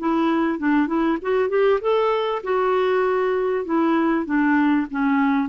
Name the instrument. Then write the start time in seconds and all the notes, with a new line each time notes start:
clarinet
0.00 E4
0.59 D4
0.88 E4
1.22 F#4
1.49 G4
1.81 A4
2.44 F#4
3.66 E4
4.26 D4
4.91 C#4